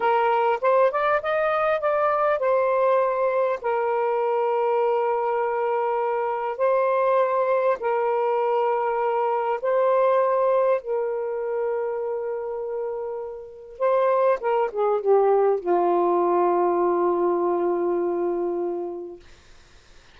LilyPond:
\new Staff \with { instrumentName = "saxophone" } { \time 4/4 \tempo 4 = 100 ais'4 c''8 d''8 dis''4 d''4 | c''2 ais'2~ | ais'2. c''4~ | c''4 ais'2. |
c''2 ais'2~ | ais'2. c''4 | ais'8 gis'8 g'4 f'2~ | f'1 | }